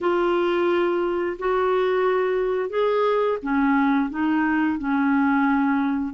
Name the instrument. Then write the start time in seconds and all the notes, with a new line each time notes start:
clarinet
0.00 F4
1.38 F#4
2.69 G#4
3.42 C#4
4.10 D#4
4.78 C#4